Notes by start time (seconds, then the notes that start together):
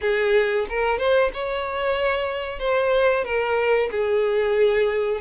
0.01 G#4
0.68 A#4
0.98 C5
1.33 C#5
2.59 C5
3.24 A#4
3.91 G#4